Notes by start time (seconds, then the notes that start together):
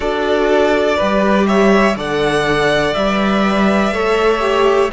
0.00 D4 F#4 A4 D5
0.97 G3 G4 B4
1.46 C#5 E5
1.96 D3 A4 D5 F#5
2.94 G3 B4 E5
3.91 A3 A4 C#5
4.39 G4